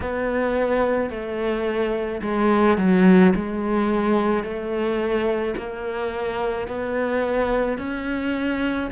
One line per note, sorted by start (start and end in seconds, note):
0.00 1.10 B3
1.10 2.21 A3
2.22 2.77 G#3
2.77 3.33 F#3
3.35 4.43 G#3
4.43 5.54 A3
5.57 6.67 A#3
6.67 7.78 B3
7.78 8.89 C#4